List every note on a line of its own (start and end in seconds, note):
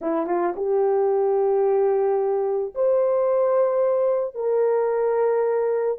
0.01 0.26 E4
0.26 0.53 F4
0.56 2.74 G4
2.74 4.34 C5
4.34 5.98 A#4